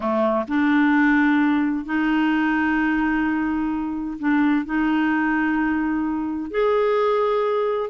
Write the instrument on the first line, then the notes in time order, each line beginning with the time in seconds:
clarinet
0.00 A3
0.48 D4
1.85 D#4
4.19 D4
4.65 D#4
6.51 G#4